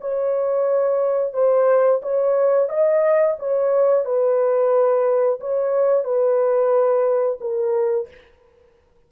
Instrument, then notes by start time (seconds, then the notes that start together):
horn
0.00 C#5
1.33 C5
2.02 C#5
2.69 D#5
3.39 C#5
4.05 B4
5.40 C#5
6.04 B4
7.40 A#4